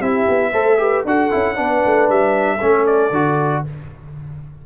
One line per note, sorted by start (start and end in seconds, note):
0.00 0.27 C4
0.00 0.54 E4
0.00 0.52 G4
0.00 1.05 E5
0.29 0.53 B3
0.52 1.05 A3
0.52 0.79 A4
0.52 0.78 C5
0.79 1.04 G4
0.79 1.06 B4
1.05 1.31 D4
1.05 1.31 F#4
1.05 1.57 A4
1.05 2.10 F#5
1.31 1.59 C#4
1.31 1.55 E4
1.55 1.85 B3
1.55 2.59 D4
1.55 2.57 B4
1.86 2.09 A3
2.09 2.61 G3
2.09 2.86 E5
2.57 3.13 C#4
2.57 3.61 A4
2.63 3.11 A3
2.86 3.64 D5
3.11 3.63 D3
3.11 3.66 F#4